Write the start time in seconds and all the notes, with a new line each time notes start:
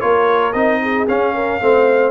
0.00 A#3 F4 A#4 C#5
0.53 C4 D#4 D#5
0.82 G#4
1.08 C#4 F5
1.34 A#4
1.61 A3 C4 C5